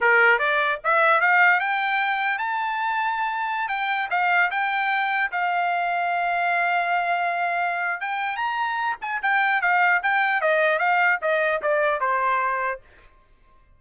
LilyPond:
\new Staff \with { instrumentName = "trumpet" } { \time 4/4 \tempo 4 = 150 ais'4 d''4 e''4 f''4 | g''2 a''2~ | a''4~ a''16 g''4 f''4 g''8.~ | g''4~ g''16 f''2~ f''8.~ |
f''1 | g''4 ais''4. gis''8 g''4 | f''4 g''4 dis''4 f''4 | dis''4 d''4 c''2 | }